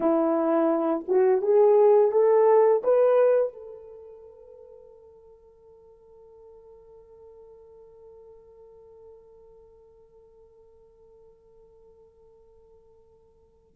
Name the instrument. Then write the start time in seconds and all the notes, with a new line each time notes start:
horn
0.00 E4
1.08 F#4
1.41 G#4
2.11 A4
2.83 B4
3.53 A4